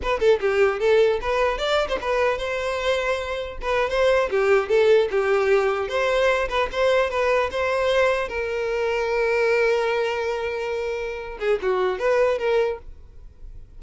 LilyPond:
\new Staff \with { instrumentName = "violin" } { \time 4/4 \tempo 4 = 150 b'8 a'8 g'4 a'4 b'4 | d''8. c''16 b'4 c''2~ | c''4 b'8. c''4 g'4 a'16~ | a'8. g'2 c''4~ c''16~ |
c''16 b'8 c''4 b'4 c''4~ c''16~ | c''8. ais'2.~ ais'16~ | ais'1~ | ais'8 gis'8 fis'4 b'4 ais'4 | }